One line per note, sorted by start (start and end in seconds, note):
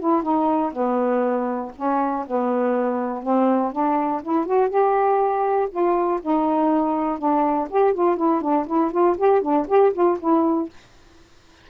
0.00 0.23 E4
0.23 0.73 D#4
0.73 1.72 B3
1.77 2.26 C#4
2.27 3.23 B3
3.23 3.72 C4
3.73 4.22 D4
4.23 4.46 E4
4.46 4.70 F#4
4.70 5.69 G4
5.71 6.20 F4
6.22 7.19 D#4
7.19 7.69 D4
7.70 7.94 G4
7.94 8.17 F4
8.17 8.42 E4
8.42 8.67 D4
8.67 8.92 E4
8.92 9.16 F4
9.18 9.42 G4
9.42 9.67 D4
9.68 9.93 G4
9.94 10.18 F4
10.20 10.70 E4